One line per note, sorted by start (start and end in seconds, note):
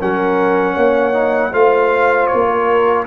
0.00 0.75 F#3
0.00 1.13 C#4
0.00 0.74 A#4
0.00 1.53 F#5
0.74 1.52 A#3
0.74 1.50 C#5
1.13 1.51 D#4
1.51 2.29 A3
1.51 3.06 F4
1.51 2.47 C5
1.51 2.26 F5
2.26 3.03 C#5
2.33 3.07 A#3
2.50 3.07 A#4